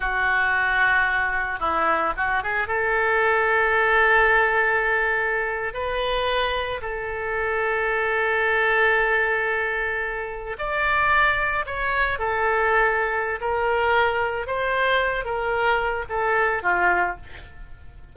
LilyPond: \new Staff \with { instrumentName = "oboe" } { \time 4/4 \tempo 4 = 112 fis'2. e'4 | fis'8 gis'8 a'2.~ | a'2~ a'8. b'4~ b'16~ | b'8. a'2.~ a'16~ |
a'2.~ a'8. d''16~ | d''4.~ d''16 cis''4 a'4~ a'16~ | a'4 ais'2 c''4~ | c''8 ais'4. a'4 f'4 | }